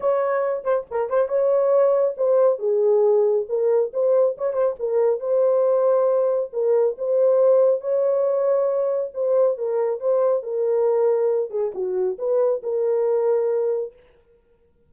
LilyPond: \new Staff \with { instrumentName = "horn" } { \time 4/4 \tempo 4 = 138 cis''4. c''8 ais'8 c''8 cis''4~ | cis''4 c''4 gis'2 | ais'4 c''4 cis''8 c''8 ais'4 | c''2. ais'4 |
c''2 cis''2~ | cis''4 c''4 ais'4 c''4 | ais'2~ ais'8 gis'8 fis'4 | b'4 ais'2. | }